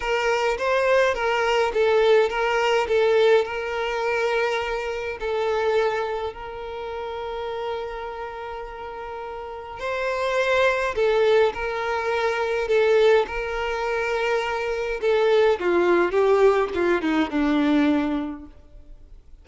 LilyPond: \new Staff \with { instrumentName = "violin" } { \time 4/4 \tempo 4 = 104 ais'4 c''4 ais'4 a'4 | ais'4 a'4 ais'2~ | ais'4 a'2 ais'4~ | ais'1~ |
ais'4 c''2 a'4 | ais'2 a'4 ais'4~ | ais'2 a'4 f'4 | g'4 f'8 dis'8 d'2 | }